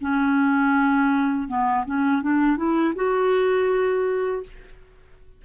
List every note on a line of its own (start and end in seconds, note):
0.00 1.47 C#4
1.47 1.85 B3
1.85 2.22 C#4
2.22 2.56 D4
2.56 2.93 E4
2.95 4.43 F#4